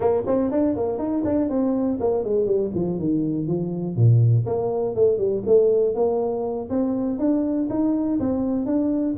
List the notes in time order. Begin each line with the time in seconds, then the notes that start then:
0.00 A#3
0.26 C4
0.51 D4
0.76 A#3
0.98 D#4
1.24 D4
1.49 C4
2.00 A#3
2.24 G#3
2.45 G3
2.74 F3
2.98 D#3
3.47 F3
3.96 A#2
4.46 A#3
4.95 A3
5.18 G3
5.46 A3
5.94 A#3
6.69 C4
7.19 D4
7.69 D#4
8.19 C4
8.66 D4